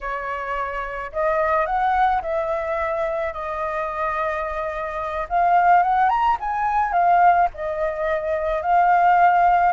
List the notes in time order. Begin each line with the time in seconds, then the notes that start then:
0.00 C#5
1.12 D#5
1.66 F#5
2.22 E5
3.33 D#5
5.29 F5
5.83 F#5
6.09 A#5
6.39 G#5
6.92 F5
7.54 D#5
8.62 F5